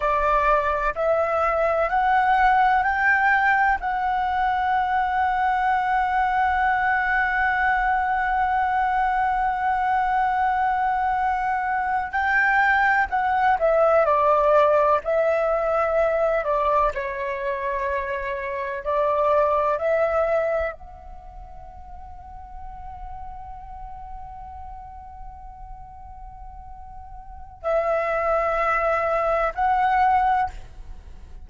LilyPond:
\new Staff \with { instrumentName = "flute" } { \time 4/4 \tempo 4 = 63 d''4 e''4 fis''4 g''4 | fis''1~ | fis''1~ | fis''8. g''4 fis''8 e''8 d''4 e''16~ |
e''4~ e''16 d''8 cis''2 d''16~ | d''8. e''4 fis''2~ fis''16~ | fis''1~ | fis''4 e''2 fis''4 | }